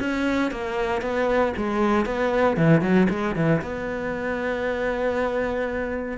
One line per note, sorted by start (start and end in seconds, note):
0.00 0.51 C#4
0.51 1.02 A#3
1.02 1.53 B3
1.57 2.06 G#3
2.06 2.57 B3
2.57 2.81 E3
2.81 3.07 F#3
3.10 3.36 G#3
3.36 3.61 E3
3.62 6.18 B3